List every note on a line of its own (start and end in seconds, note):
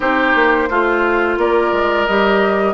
0.00 0.33 C4
0.00 0.68 D#4
0.00 0.69 G4
0.00 1.39 C5
0.34 0.69 A#3
0.69 1.37 A3
0.69 1.38 F4
0.69 2.08 F4
1.37 1.71 A#3
1.37 2.73 A#4
1.37 2.06 D5
1.72 2.06 G#3
2.06 2.73 G3
2.06 2.73 G4
2.06 2.73 D#5